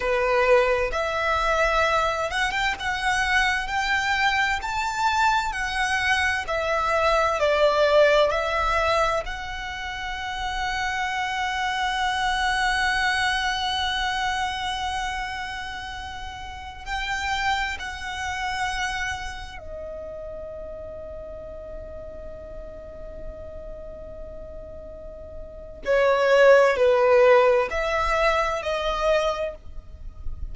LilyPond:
\new Staff \with { instrumentName = "violin" } { \time 4/4 \tempo 4 = 65 b'4 e''4. fis''16 g''16 fis''4 | g''4 a''4 fis''4 e''4 | d''4 e''4 fis''2~ | fis''1~ |
fis''2~ fis''16 g''4 fis''8.~ | fis''4~ fis''16 dis''2~ dis''8.~ | dis''1 | cis''4 b'4 e''4 dis''4 | }